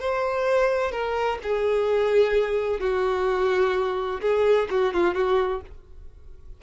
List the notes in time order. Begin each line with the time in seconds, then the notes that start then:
0.00 C5
0.92 A#4
1.43 G#4
2.81 F#4
4.22 G#4
4.71 F#4
4.94 F4
5.15 F#4